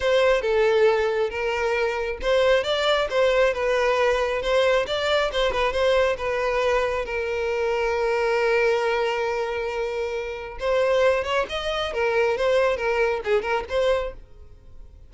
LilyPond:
\new Staff \with { instrumentName = "violin" } { \time 4/4 \tempo 4 = 136 c''4 a'2 ais'4~ | ais'4 c''4 d''4 c''4 | b'2 c''4 d''4 | c''8 b'8 c''4 b'2 |
ais'1~ | ais'1 | c''4. cis''8 dis''4 ais'4 | c''4 ais'4 gis'8 ais'8 c''4 | }